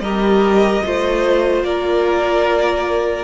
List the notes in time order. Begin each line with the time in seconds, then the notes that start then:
0.00 G3 G4 A#4 D#5
0.84 A3 F4 C5
1.63 A#3 A#4 D5